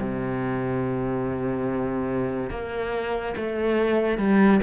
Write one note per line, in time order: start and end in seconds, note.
0.00 2.51 C3
2.51 3.35 A#3
3.37 4.18 A3
4.18 4.60 G3